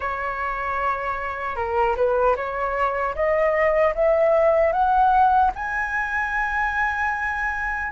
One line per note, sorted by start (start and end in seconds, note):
0.00 1.56 C#5
1.56 1.95 A#4
1.96 2.35 B4
2.35 3.14 C#5
3.15 3.94 D#5
3.94 4.72 E5
4.72 5.51 F#5
5.55 7.92 G#5